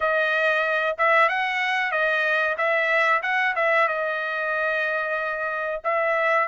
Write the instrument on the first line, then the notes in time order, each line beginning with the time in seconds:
trumpet
0.00 D#5
0.98 E5
1.28 F#5
1.91 D#5
2.57 E5
3.22 F#5
3.55 E5
3.87 D#5
5.84 E5